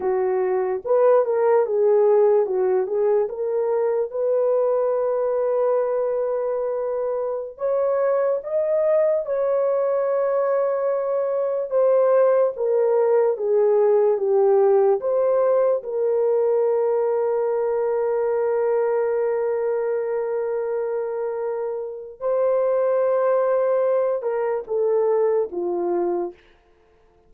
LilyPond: \new Staff \with { instrumentName = "horn" } { \time 4/4 \tempo 4 = 73 fis'4 b'8 ais'8 gis'4 fis'8 gis'8 | ais'4 b'2.~ | b'4~ b'16 cis''4 dis''4 cis''8.~ | cis''2~ cis''16 c''4 ais'8.~ |
ais'16 gis'4 g'4 c''4 ais'8.~ | ais'1~ | ais'2. c''4~ | c''4. ais'8 a'4 f'4 | }